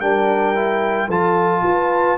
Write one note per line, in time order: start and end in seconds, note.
0.00 1.08 G3
0.00 0.55 D4
0.00 1.07 A#4
0.00 1.09 G5
0.55 1.09 E4
1.07 1.62 F3
1.07 2.18 F4
1.07 1.62 A4
1.07 2.18 A5
1.62 2.17 F4
1.62 2.18 B4